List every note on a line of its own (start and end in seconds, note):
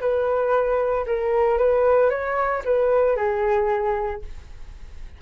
0.00 1.05 B4
1.06 1.58 A#4
1.58 2.10 B4
2.10 2.62 C#5
2.65 3.16 B4
3.16 4.22 G#4